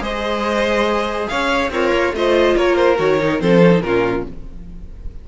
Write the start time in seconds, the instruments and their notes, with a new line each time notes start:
0.00 cello G#3, viola G#4, violin C5 D#5
1.27 cello C#4, violin C#5 F5
1.70 cello C4, violin F4 C#5, viola A#4
1.92 cello A#3
2.13 cello A3, viola F4, violin C5 D#5
2.56 cello A#3, violin A#4 C#5
2.75 violin C5
2.97 cello D#3, viola F#4, violin C#5
3.21 viola D#4
3.39 cello F3, viola C4, violin A4 C5
3.63 viola C#4
3.71 viola D#4
3.80 cello A#2, viola C#4, violin F4 A#4